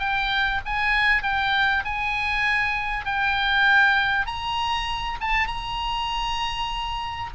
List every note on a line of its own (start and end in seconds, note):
0.00 0.61 G5
0.66 1.23 G#5
1.23 1.84 G5
1.85 3.06 G#5
3.06 4.27 G5
4.27 5.19 A#5
5.21 5.48 A5
5.48 7.31 A#5